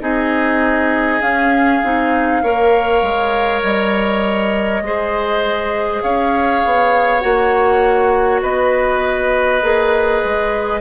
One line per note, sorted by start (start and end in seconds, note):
0.00 1.20 C4
0.00 1.20 D#4
0.00 2.42 G#4
0.00 1.21 D#5
1.20 1.80 C#4
1.20 1.81 C#4
1.20 3.61 F5
1.83 2.43 C4
1.83 2.43 D#4
2.42 3.02 A#3
2.42 4.83 A#4
2.42 4.82 C#5
3.02 3.62 G#3
3.62 4.81 G3
3.62 6.02 D#5
4.81 6.01 G#3
4.81 7.20 G#4
4.81 6.03 C5
6.02 6.63 C#4
6.02 8.42 C#5
6.02 7.20 F5
6.65 7.23 B3
7.20 8.42 A#3
7.20 9.60 F#4
7.20 8.40 F#5
8.42 9.62 B3
8.42 10.80 B4
8.42 10.80 D#5
9.62 10.22 A#3
9.62 10.80 G#4
10.23 10.80 G#3